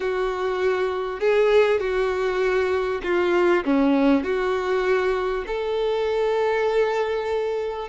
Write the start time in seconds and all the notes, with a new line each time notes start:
0.00 F#4
1.20 G#4
1.80 F#4
3.03 F4
3.65 C#4
4.23 F#4
5.46 A4